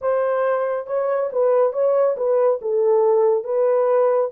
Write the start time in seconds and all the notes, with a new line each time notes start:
0.01 C5
0.86 C#5
1.32 B4
1.72 C#5
2.16 B4
2.61 A4
3.44 B4